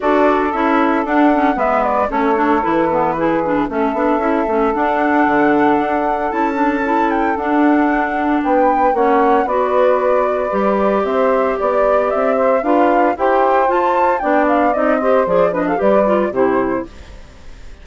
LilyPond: <<
  \new Staff \with { instrumentName = "flute" } { \time 4/4 \tempo 4 = 114 d''4 e''4 fis''4 e''8 d''8 | cis''4 b'2 e''4~ | e''4 fis''2. | a''4. g''8 fis''2 |
g''4 fis''4 d''2~ | d''4 e''4 d''4 e''4 | f''4 g''4 a''4 g''8 f''8 | dis''4 d''8 dis''16 f''16 d''4 c''4 | }
  \new Staff \with { instrumentName = "saxophone" } { \time 4/4 a'2. b'4 | a'2 gis'4 a'4~ | a'1~ | a'1 |
b'4 cis''4 b'2~ | b'4 c''4 d''4. c''8 | b'4 c''2 d''4~ | d''8 c''4 b'16 a'16 b'4 g'4 | }
  \new Staff \with { instrumentName = "clarinet" } { \time 4/4 fis'4 e'4 d'8 cis'8 b4 | cis'8 d'8 e'8 b8 e'8 d'8 cis'8 d'8 | e'8 cis'8 d'2. | e'8 d'8 e'4 d'2~ |
d'4 cis'4 fis'2 | g'1 | f'4 g'4 f'4 d'4 | dis'8 g'8 gis'8 d'8 g'8 f'8 e'4 | }
  \new Staff \with { instrumentName = "bassoon" } { \time 4/4 d'4 cis'4 d'4 gis4 | a4 e2 a8 b8 | cis'8 a8 d'4 d4 d'4 | cis'2 d'2 |
b4 ais4 b2 | g4 c'4 b4 c'4 | d'4 e'4 f'4 b4 | c'4 f4 g4 c4 | }
>>